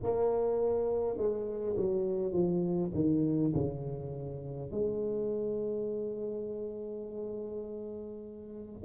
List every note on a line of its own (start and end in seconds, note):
0.02 1.17 A#3
1.17 1.76 G#3
1.76 2.32 F#3
2.32 2.91 F3
2.94 3.53 D#3
3.53 4.71 C#3
4.71 8.82 G#3